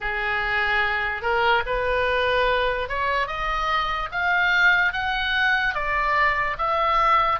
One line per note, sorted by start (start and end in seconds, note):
0.00 1.21 G#4
1.21 1.63 A#4
1.66 2.88 B4
2.88 3.27 C#5
3.27 4.09 D#5
4.11 4.92 F5
4.92 5.74 F#5
5.74 6.56 D5
6.58 7.39 E5